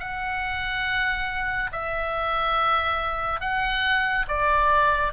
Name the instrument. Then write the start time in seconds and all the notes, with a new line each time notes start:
oboe
0.00 F#5
1.72 E5
3.41 F#5
4.29 D5